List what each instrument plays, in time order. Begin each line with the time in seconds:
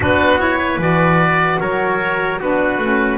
0.00 double bass B3, saxophone D4, trumpet F#4, oboe B4
0.38 saxophone E4, oboe C#5
0.58 trumpet B4
0.77 double bass E3, saxophone F#4, oboe D5
1.59 double bass F#3, trumpet A#4, oboe C#5
2.39 double bass B3, saxophone D4, trumpet F#4, oboe B4
2.78 double bass A3, saxophone C#4